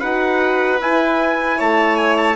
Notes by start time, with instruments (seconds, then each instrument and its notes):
0.00 bassoon D#4, horn F#4, violin B4, trumpet F#5
0.81 bassoon E4, horn E4, trumpet G#5
1.58 bassoon A3, violin C#5, trumpet A5
1.96 trumpet G#5
2.17 trumpet A5